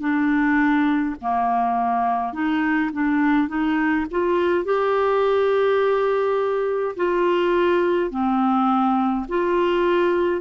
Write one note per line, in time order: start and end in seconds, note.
0.00 1.15 D4
1.22 2.33 A#3
2.33 2.91 D#4
2.93 3.48 D4
3.48 4.06 D#4
4.11 4.65 F4
4.65 6.95 G4
6.96 8.11 F4
8.11 9.26 C4
9.29 10.41 F4